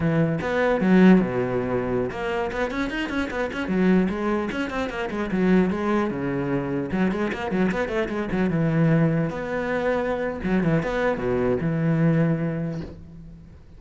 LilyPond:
\new Staff \with { instrumentName = "cello" } { \time 4/4 \tempo 4 = 150 e4 b4 fis4 b,4~ | b,4~ b,16 ais4 b8 cis'8 dis'8 cis'16~ | cis'16 b8 cis'8 fis4 gis4 cis'8 c'16~ | c'16 ais8 gis8 fis4 gis4 cis8.~ |
cis4~ cis16 fis8 gis8 ais8 fis8 b8 a16~ | a16 gis8 fis8 e2 b8.~ | b2 fis8 e8 b4 | b,4 e2. | }